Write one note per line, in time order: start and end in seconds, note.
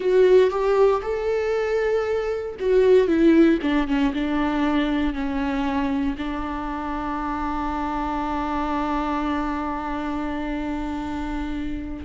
0.00 0.50 F#4
0.50 1.01 G4
1.01 2.55 A4
2.59 3.07 F#4
3.07 3.58 E4
3.62 3.87 D4
3.87 4.13 C#4
4.14 5.13 D4
5.13 6.16 C#4
6.18 12.05 D4